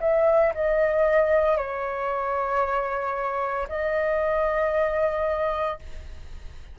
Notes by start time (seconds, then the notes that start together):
0.00 E5
0.54 D#5
1.56 C#5
3.68 D#5